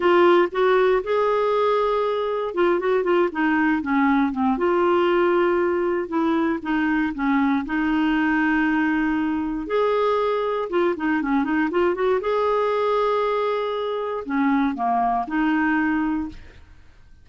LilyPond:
\new Staff \with { instrumentName = "clarinet" } { \time 4/4 \tempo 4 = 118 f'4 fis'4 gis'2~ | gis'4 f'8 fis'8 f'8 dis'4 cis'8~ | cis'8 c'8 f'2. | e'4 dis'4 cis'4 dis'4~ |
dis'2. gis'4~ | gis'4 f'8 dis'8 cis'8 dis'8 f'8 fis'8 | gis'1 | cis'4 ais4 dis'2 | }